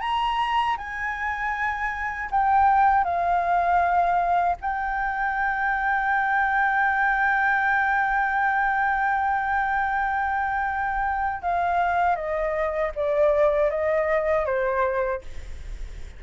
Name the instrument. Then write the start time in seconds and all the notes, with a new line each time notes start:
flute
0.00 A#5
0.77 G#5
2.31 G5
3.04 F5
4.61 G5
11.42 F5
12.15 D#5
12.95 D5
13.70 D#5
14.45 C5